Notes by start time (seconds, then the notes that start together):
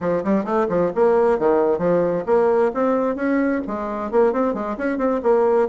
0.00 F3
0.24 G3
0.44 A3
0.68 F3
0.95 A#3
1.38 D#3
1.78 F3
2.26 A#3
2.74 C4
3.15 C#4
3.67 G#3
4.11 A#3
4.33 C4
4.54 G#3
4.77 C#4
4.98 C4
5.22 A#3